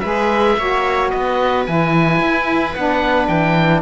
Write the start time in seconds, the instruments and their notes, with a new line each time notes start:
0.00 cello G#3, saxophone G#4, viola B4, oboe E5
0.57 cello A#3, saxophone F#4, viola C#5
1.10 cello B3, viola B4, oboe D#5
1.66 cello E3, saxophone E4, oboe G#5
2.20 cello E4
2.75 cello B3, saxophone D4, oboe F#5
3.27 cello E3, oboe G5